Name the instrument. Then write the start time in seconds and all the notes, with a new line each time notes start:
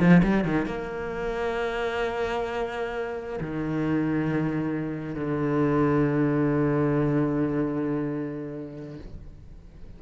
cello
0.00 F3
0.23 G3
0.44 D#3
0.66 A#3
3.40 D#3
5.15 D3